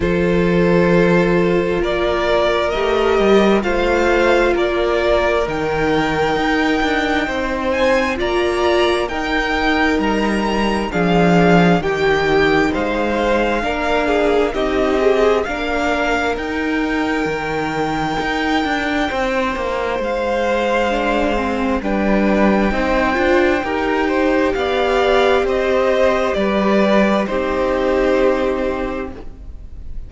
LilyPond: <<
  \new Staff \with { instrumentName = "violin" } { \time 4/4 \tempo 4 = 66 c''2 d''4 dis''4 | f''4 d''4 g''2~ | g''8 gis''8 ais''4 g''4 ais''4 | f''4 g''4 f''2 |
dis''4 f''4 g''2~ | g''2 f''2 | g''2. f''4 | dis''4 d''4 c''2 | }
  \new Staff \with { instrumentName = "violin" } { \time 4/4 a'2 ais'2 | c''4 ais'2. | c''4 d''4 ais'2 | gis'4 g'4 c''4 ais'8 gis'8 |
g'4 ais'2.~ | ais'4 c''2. | b'4 c''4 ais'8 c''8 d''4 | c''4 b'4 g'2 | }
  \new Staff \with { instrumentName = "viola" } { \time 4/4 f'2. g'4 | f'2 dis'2~ | dis'4 f'4 dis'2 | d'4 dis'2 d'4 |
dis'8 gis'8 d'4 dis'2~ | dis'2. d'8 c'8 | d'4 dis'8 f'8 g'2~ | g'2 dis'2 | }
  \new Staff \with { instrumentName = "cello" } { \time 4/4 f2 ais4 a8 g8 | a4 ais4 dis4 dis'8 d'8 | c'4 ais4 dis'4 g4 | f4 dis4 gis4 ais4 |
c'4 ais4 dis'4 dis4 | dis'8 d'8 c'8 ais8 gis2 | g4 c'8 d'8 dis'4 b4 | c'4 g4 c'2 | }
>>